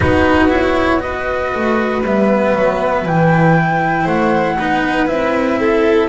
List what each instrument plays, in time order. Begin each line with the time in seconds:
0.00 double bass B3, cello D#4, violin F#4, flute B4
0.49 cello E4, flute C#5
0.99 cello F#4, violin B4, flute D#5
1.54 double bass A3
2.02 double bass G3, cello B3, flute E5
2.54 double bass F#3
3.04 double bass E3, cello E4, flute G5
4.03 double bass A3, violin C5, flute F#5
4.58 double bass B3, cello D#4, violin B4
5.07 double bass C4, cello E4, flute E5
5.59 violin A4